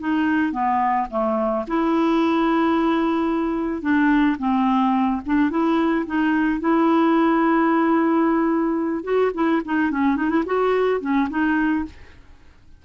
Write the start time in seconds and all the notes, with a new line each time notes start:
0.00 D#4
0.53 B3
1.11 A3
1.68 E4
3.82 D4
4.39 C4
5.26 D4
5.51 E4
6.07 D#4
6.61 E4
9.04 F#4
9.35 E4
9.65 D#4
9.91 C#4
10.17 D#4
10.30 E4
10.46 F#4
11.01 C#4
11.30 D#4